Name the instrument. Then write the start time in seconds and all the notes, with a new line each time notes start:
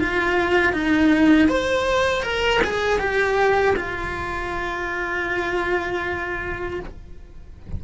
cello
0.00 F4
0.73 D#4
1.49 C5
2.23 A#4
2.64 G#4
2.99 G4
3.76 F4